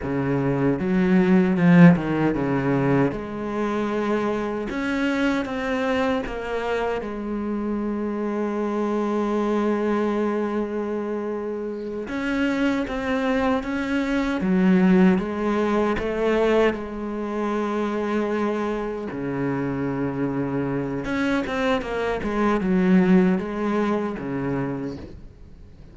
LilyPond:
\new Staff \with { instrumentName = "cello" } { \time 4/4 \tempo 4 = 77 cis4 fis4 f8 dis8 cis4 | gis2 cis'4 c'4 | ais4 gis2.~ | gis2.~ gis8 cis'8~ |
cis'8 c'4 cis'4 fis4 gis8~ | gis8 a4 gis2~ gis8~ | gis8 cis2~ cis8 cis'8 c'8 | ais8 gis8 fis4 gis4 cis4 | }